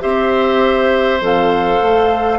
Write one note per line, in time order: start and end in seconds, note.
0.00 1.21 C4
0.00 1.20 G4
0.00 2.39 C5
0.00 1.22 E5
1.21 1.81 F2
1.21 2.39 A4
1.21 2.39 F5
1.82 2.39 A3